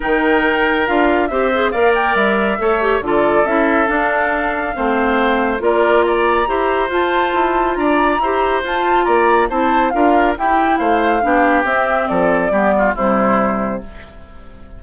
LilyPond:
<<
  \new Staff \with { instrumentName = "flute" } { \time 4/4 \tempo 4 = 139 g''2 f''4 e''4 | f''8 g''8 e''2 d''4 | e''4 f''2.~ | f''4 d''4 ais''2 |
a''2 ais''2 | a''4 ais''4 a''4 f''4 | g''4 f''2 e''4 | d''2 c''2 | }
  \new Staff \with { instrumentName = "oboe" } { \time 4/4 ais'2. c''4 | d''2 cis''4 a'4~ | a'2. c''4~ | c''4 ais'4 d''4 c''4~ |
c''2 d''4 c''4~ | c''4 d''4 c''4 ais'4 | g'4 c''4 g'2 | a'4 g'8 f'8 e'2 | }
  \new Staff \with { instrumentName = "clarinet" } { \time 4/4 dis'2 f'4 g'8 gis'8 | ais'2 a'8 g'8 f'4 | e'4 d'2 c'4~ | c'4 f'2 g'4 |
f'2. g'4 | f'2 e'4 f'4 | e'2 d'4 c'4~ | c'4 b4 g2 | }
  \new Staff \with { instrumentName = "bassoon" } { \time 4/4 dis2 d'4 c'4 | ais4 g4 a4 d4 | cis'4 d'2 a4~ | a4 ais2 e'4 |
f'4 e'4 d'4 e'4 | f'4 ais4 c'4 d'4 | e'4 a4 b4 c'4 | f4 g4 c2 | }
>>